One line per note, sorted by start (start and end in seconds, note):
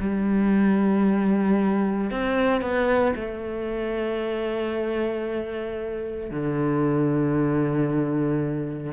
0.00 2.11 G3
2.11 2.61 C4
2.61 3.14 B3
3.15 6.31 A3
6.31 8.93 D3